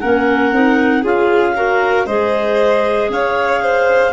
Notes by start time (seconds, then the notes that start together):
0.00 A#3 C#4 A#4 F#5
0.52 C4 D#4
1.02 C#4 F4 G#4 F5
1.55 F#4 A#4
2.06 G#3 G#4 C5 D#5
3.09 C#4 C#5 F5
3.62 C5